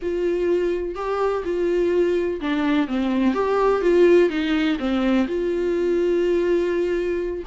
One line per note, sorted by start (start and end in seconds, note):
0.02 0.95 F4
0.95 1.43 G4
1.44 2.40 F4
2.40 2.87 D4
2.87 3.34 C4
3.34 3.81 G4
3.81 4.29 F4
4.29 4.77 D#4
4.79 5.27 C4
5.27 7.43 F4